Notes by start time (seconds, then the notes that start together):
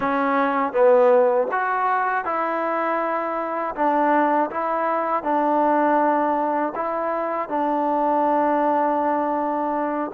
0.00 C#4
0.72 B3
1.51 F#4
2.25 E4
3.75 D4
4.50 E4
5.23 D4
6.75 E4
7.48 D4